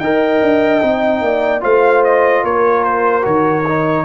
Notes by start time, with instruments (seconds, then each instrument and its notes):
0.00 tuba D#4, trombone A#4, horn D#5, trumpet G5
0.42 tuba D4
0.81 tuba C4, trombone D#4
1.21 tuba A#3, horn D5
1.61 tuba A3, trombone F4, horn C5, trumpet F5
2.04 trumpet D#5
2.43 tuba A#3, horn A#4, trumpet C#5
2.84 trumpet C5
3.22 tuba D#3, trombone F#4, trumpet C#5
3.68 trombone D#4